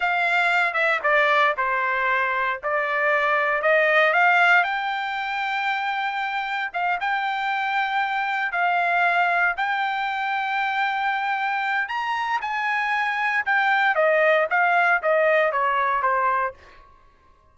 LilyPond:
\new Staff \with { instrumentName = "trumpet" } { \time 4/4 \tempo 4 = 116 f''4. e''8 d''4 c''4~ | c''4 d''2 dis''4 | f''4 g''2.~ | g''4 f''8 g''2~ g''8~ |
g''8 f''2 g''4.~ | g''2. ais''4 | gis''2 g''4 dis''4 | f''4 dis''4 cis''4 c''4 | }